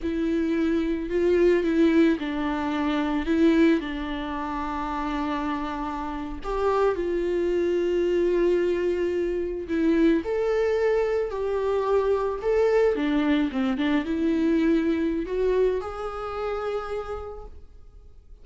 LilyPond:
\new Staff \with { instrumentName = "viola" } { \time 4/4 \tempo 4 = 110 e'2 f'4 e'4 | d'2 e'4 d'4~ | d'2.~ d'8. g'16~ | g'8. f'2.~ f'16~ |
f'4.~ f'16 e'4 a'4~ a'16~ | a'8. g'2 a'4 d'16~ | d'8. c'8 d'8 e'2~ e'16 | fis'4 gis'2. | }